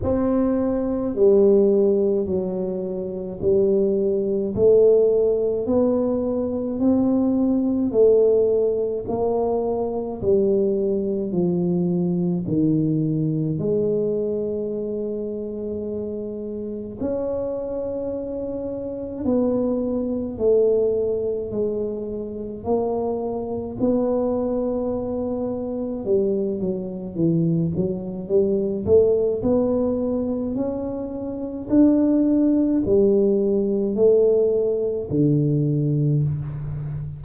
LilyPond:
\new Staff \with { instrumentName = "tuba" } { \time 4/4 \tempo 4 = 53 c'4 g4 fis4 g4 | a4 b4 c'4 a4 | ais4 g4 f4 dis4 | gis2. cis'4~ |
cis'4 b4 a4 gis4 | ais4 b2 g8 fis8 | e8 fis8 g8 a8 b4 cis'4 | d'4 g4 a4 d4 | }